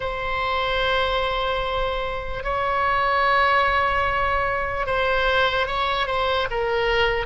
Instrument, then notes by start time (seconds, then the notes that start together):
oboe
0.00 C5
2.43 C#5
4.86 C5
5.66 C#5
6.07 C5
6.50 A#4